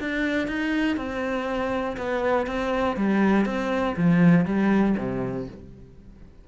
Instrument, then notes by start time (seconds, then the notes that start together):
cello
0.00 D4
0.47 D#4
0.97 C4
1.97 B3
2.47 C4
2.97 G3
3.45 C4
3.96 F3
4.45 G3
4.97 C3